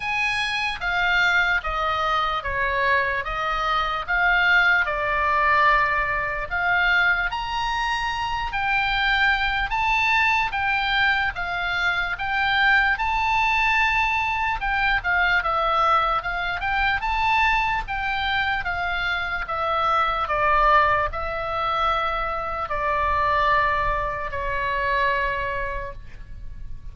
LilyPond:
\new Staff \with { instrumentName = "oboe" } { \time 4/4 \tempo 4 = 74 gis''4 f''4 dis''4 cis''4 | dis''4 f''4 d''2 | f''4 ais''4. g''4. | a''4 g''4 f''4 g''4 |
a''2 g''8 f''8 e''4 | f''8 g''8 a''4 g''4 f''4 | e''4 d''4 e''2 | d''2 cis''2 | }